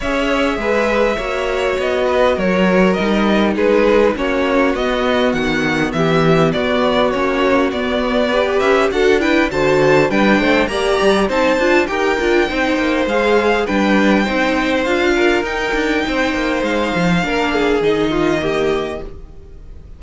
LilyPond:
<<
  \new Staff \with { instrumentName = "violin" } { \time 4/4 \tempo 4 = 101 e''2. dis''4 | cis''4 dis''4 b'4 cis''4 | dis''4 fis''4 e''4 d''4 | cis''4 d''4. e''8 fis''8 g''8 |
a''4 g''4 ais''4 a''4 | g''2 f''4 g''4~ | g''4 f''4 g''2 | f''2 dis''2 | }
  \new Staff \with { instrumentName = "violin" } { \time 4/4 cis''4 b'4 cis''4. b'8 | ais'2 gis'4 fis'4~ | fis'2 g'4 fis'4~ | fis'2 b'4 a'8 b'8 |
c''4 b'8 c''8 d''4 c''4 | ais'4 c''2 b'4 | c''4. ais'4. c''4~ | c''4 ais'8 gis'4 f'8 g'4 | }
  \new Staff \with { instrumentName = "viola" } { \time 4/4 gis'2 fis'2~ | fis'4 dis'2 cis'4 | b1 | cis'4 b4 g'4 fis'8 e'8 |
fis'4 d'4 g'4 dis'8 f'8 | g'8 f'8 dis'4 gis'4 d'4 | dis'4 f'4 dis'2~ | dis'4 d'4 dis'4 ais4 | }
  \new Staff \with { instrumentName = "cello" } { \time 4/4 cis'4 gis4 ais4 b4 | fis4 g4 gis4 ais4 | b4 dis4 e4 b4 | ais4 b4. cis'8 d'4 |
d4 g8 a8 ais8 g8 c'8 d'8 | dis'8 d'8 c'8 ais8 gis4 g4 | c'4 d'4 dis'8 d'8 c'8 ais8 | gis8 f8 ais4 dis2 | }
>>